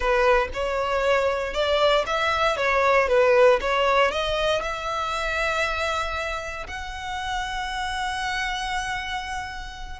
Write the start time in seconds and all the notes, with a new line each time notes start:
0.00 B4
0.53 C#5
1.53 D5
2.06 E5
2.56 C#5
3.08 B4
3.61 C#5
4.11 D#5
4.62 E5
6.67 F#5